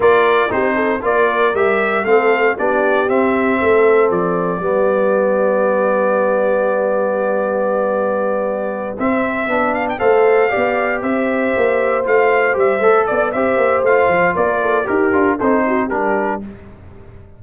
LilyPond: <<
  \new Staff \with { instrumentName = "trumpet" } { \time 4/4 \tempo 4 = 117 d''4 c''4 d''4 e''4 | f''4 d''4 e''2 | d''1~ | d''1~ |
d''4. e''4. f''16 g''16 f''8~ | f''4. e''2 f''8~ | f''8 e''4 d''8 e''4 f''4 | d''4 ais'4 c''4 ais'4 | }
  \new Staff \with { instrumentName = "horn" } { \time 4/4 ais'4 g'8 a'8 ais'2 | a'4 g'2 a'4~ | a'4 g'2.~ | g'1~ |
g'2.~ g'8 c''8~ | c''8 d''4 c''2~ c''8~ | c''4. d''8 c''2 | ais'8 a'8 g'4 a'8 fis'8 g'4 | }
  \new Staff \with { instrumentName = "trombone" } { \time 4/4 f'4 dis'4 f'4 g'4 | c'4 d'4 c'2~ | c'4 b2.~ | b1~ |
b4. c'4 d'4 a'8~ | a'8 g'2. f'8~ | f'8 g'8 a'4 g'4 f'4~ | f'4 g'8 f'8 dis'4 d'4 | }
  \new Staff \with { instrumentName = "tuba" } { \time 4/4 ais4 c'4 ais4 g4 | a4 b4 c'4 a4 | f4 g2.~ | g1~ |
g4. c'4 b4 a8~ | a8 b4 c'4 ais4 a8~ | a8 g8 a8 b8 c'8 ais8 a8 f8 | ais4 dis'8 d'8 c'4 g4 | }
>>